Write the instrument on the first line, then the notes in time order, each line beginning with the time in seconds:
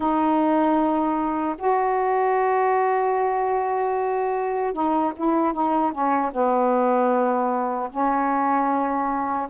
saxophone
0.00 D#4
1.58 F#4
4.73 D#4
5.16 E4
5.53 D#4
5.91 C#4
6.32 B3
7.90 C#4